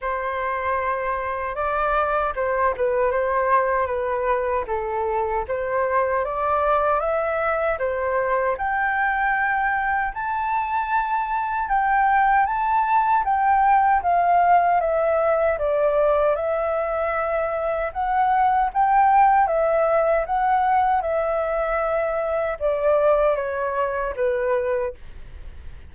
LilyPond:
\new Staff \with { instrumentName = "flute" } { \time 4/4 \tempo 4 = 77 c''2 d''4 c''8 b'8 | c''4 b'4 a'4 c''4 | d''4 e''4 c''4 g''4~ | g''4 a''2 g''4 |
a''4 g''4 f''4 e''4 | d''4 e''2 fis''4 | g''4 e''4 fis''4 e''4~ | e''4 d''4 cis''4 b'4 | }